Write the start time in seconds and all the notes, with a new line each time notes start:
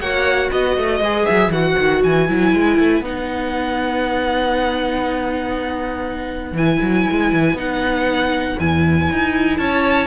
0.00 A#3 F#4 C#5 F#5
0.51 B3 B4 D#5
0.78 A3
1.01 G#3 G#4
1.26 F#3 E5
1.49 E3 F#4 F#5
1.79 D#3
2.04 E3 G#5
2.28 F#3 E4
2.54 G#3
2.79 A3
3.01 B3 D#4 F#5
6.53 E3 E4 G#5
6.82 F#3
7.11 G#3
7.33 E3
7.54 B3 D#4 F#5
8.60 E2 E4 G#5
9.13 D#4
9.57 C#4 C#5 A5